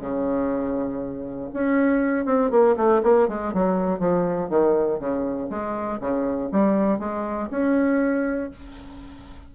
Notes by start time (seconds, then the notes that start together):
0.00 C#3
1.53 C#4
2.25 C4
2.51 A#3
2.77 A3
3.03 A#3
3.28 G#3
3.53 F#3
4.00 F3
4.49 D#3
5.00 C#3
5.50 G#3
6.00 C#3
6.52 G3
6.99 G#3
7.50 C#4